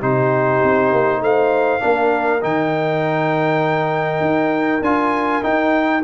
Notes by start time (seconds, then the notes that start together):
0.00 C3 D#4 G4 C5
0.63 C4
0.92 A#3
1.21 A3 C5 F5
1.80 A#3 D4 A#4
2.41 D#3 D#4 G5
4.21 D#4
4.81 D4 F4 G#5
5.42 D#4 G5